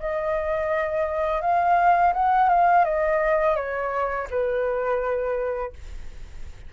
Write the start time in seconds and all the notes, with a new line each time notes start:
0.00 D#5
1.42 F5
2.14 F#5
2.49 F5
2.85 D#5
3.56 C#5
4.30 B4